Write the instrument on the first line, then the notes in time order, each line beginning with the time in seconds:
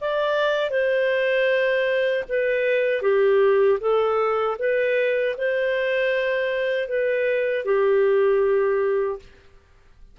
clarinet
0.00 D5
0.70 C5
2.28 B4
3.01 G4
3.80 A4
4.58 B4
5.37 C5
6.88 B4
7.65 G4